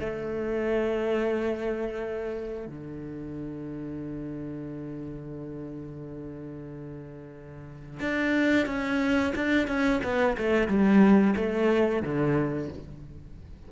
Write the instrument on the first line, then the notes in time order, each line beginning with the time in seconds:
cello
0.00 A3
2.67 D3
8.00 D4
8.66 C#4
9.35 D4
9.67 C#4
10.04 B3
10.37 A3
10.68 G3
11.36 A3
12.02 D3